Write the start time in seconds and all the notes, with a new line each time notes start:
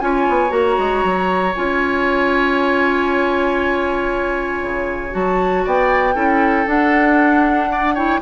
0.00 C#4 F4 C#5 G#5
0.29 B3
0.49 A#3 F#4 A#5
0.78 G#3
1.04 F#3
1.55 C#4 F4 G#5
4.62 C#3
5.11 F#3 F#4 A5
5.65 B3 D5 G5
6.15 C#4 E4 A4
6.66 D4 F#5
7.72 D5
7.94 E4 C#5 G5